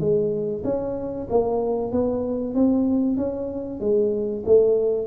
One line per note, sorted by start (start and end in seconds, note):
0.00 0.63 G#3
0.65 1.28 C#4
1.30 1.92 A#3
1.92 2.55 B3
2.55 3.18 C4
3.18 3.81 C#4
3.81 4.44 G#3
4.46 5.08 A3